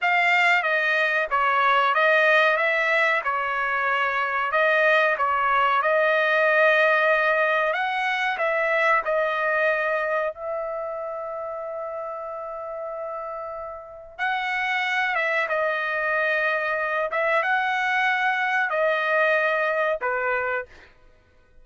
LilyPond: \new Staff \with { instrumentName = "trumpet" } { \time 4/4 \tempo 4 = 93 f''4 dis''4 cis''4 dis''4 | e''4 cis''2 dis''4 | cis''4 dis''2. | fis''4 e''4 dis''2 |
e''1~ | e''2 fis''4. e''8 | dis''2~ dis''8 e''8 fis''4~ | fis''4 dis''2 b'4 | }